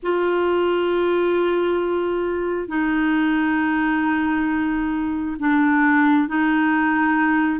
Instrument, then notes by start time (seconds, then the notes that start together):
clarinet
0.02 F4
2.68 D#4
5.39 D4
6.28 D#4